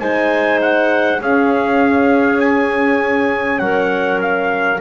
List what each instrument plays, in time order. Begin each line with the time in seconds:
0.00 double bass G#3, horn D#4, clarinet C5, trumpet G#5
0.62 trumpet F#5
1.19 horn C#4, double bass C#4, clarinet G#4, trumpet F5
2.41 trumpet G#5
3.59 double bass F#3, clarinet A#4, trumpet F#5
4.21 trumpet F5